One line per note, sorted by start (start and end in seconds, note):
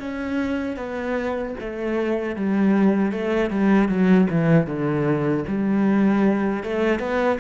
0.00 0.77 C#4
0.77 1.55 B3
1.60 2.36 A3
2.36 3.12 G3
3.12 3.50 A3
3.50 3.89 G3
3.89 4.28 F#3
4.31 4.67 E3
4.67 5.45 D3
5.48 6.64 G3
6.64 7.00 A3
7.00 7.39 B3